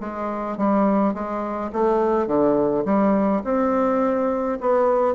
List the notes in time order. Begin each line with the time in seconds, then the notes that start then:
0.00 G#3
0.57 G3
1.14 G#3
1.73 A3
2.27 D3
2.85 G3
3.44 C4
4.61 B3